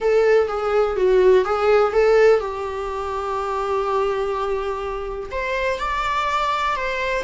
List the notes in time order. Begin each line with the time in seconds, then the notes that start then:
0.00 A4
0.48 G#4
0.96 F#4
1.44 G#4
1.92 A4
2.40 G4
5.31 C5
5.79 D5
6.75 C5